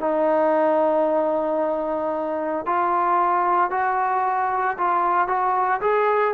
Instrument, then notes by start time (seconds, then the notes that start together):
trombone
0.00 D#4
2.65 F4
3.70 F#4
4.77 F4
5.27 F#4
5.81 G#4